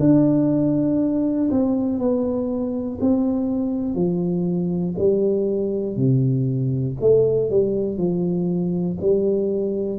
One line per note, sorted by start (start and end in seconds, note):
0.00 1.50 D4
1.51 1.99 C4
1.99 2.99 B3
3.01 3.95 C4
3.95 4.95 F3
4.99 5.96 G3
5.96 6.96 C3
7.01 7.50 A3
7.50 7.98 G3
7.98 8.98 F3
9.01 10.00 G3